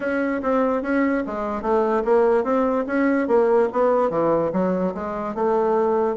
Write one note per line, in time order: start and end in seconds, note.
0.00 0.41 C#4
0.42 0.82 C4
0.82 1.23 C#4
1.26 1.61 G#3
1.61 2.02 A3
2.04 2.44 A#3
2.44 2.85 C4
2.86 3.27 C#4
3.27 3.68 A#3
3.72 4.10 B3
4.10 4.51 E3
4.53 4.94 F#3
4.94 5.34 G#3
5.34 6.16 A3